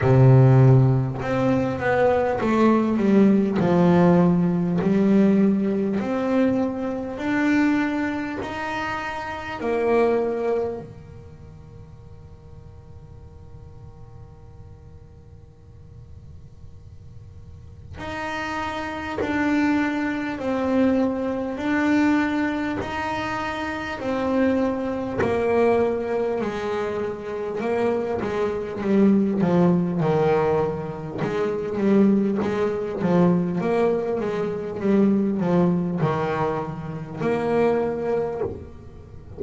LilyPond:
\new Staff \with { instrumentName = "double bass" } { \time 4/4 \tempo 4 = 50 c4 c'8 b8 a8 g8 f4 | g4 c'4 d'4 dis'4 | ais4 dis2.~ | dis2. dis'4 |
d'4 c'4 d'4 dis'4 | c'4 ais4 gis4 ais8 gis8 | g8 f8 dis4 gis8 g8 gis8 f8 | ais8 gis8 g8 f8 dis4 ais4 | }